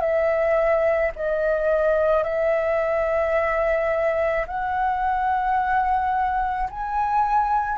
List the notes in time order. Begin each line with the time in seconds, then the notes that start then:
0.00 E5
1.16 D#5
2.23 E5
4.47 F#5
6.70 G#5